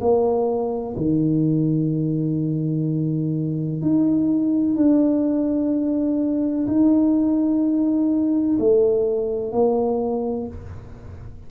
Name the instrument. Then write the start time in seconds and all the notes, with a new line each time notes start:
tuba
0.00 A#3
0.96 D#3
3.81 D#4
4.76 D4
6.67 D#4
8.59 A3
9.52 A#3